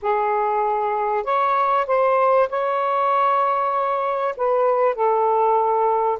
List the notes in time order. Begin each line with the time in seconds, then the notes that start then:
0.02 G#4
1.24 C#5
1.86 C5
2.49 C#5
4.36 B4
4.94 A4